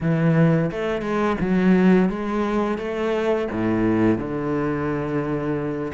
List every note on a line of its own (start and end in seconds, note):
0.00 0.70 E3
0.71 1.01 A3
1.01 1.36 G#3
1.40 2.09 F#3
2.09 2.78 G#3
2.78 3.48 A3
3.51 4.17 A2
4.17 5.92 D3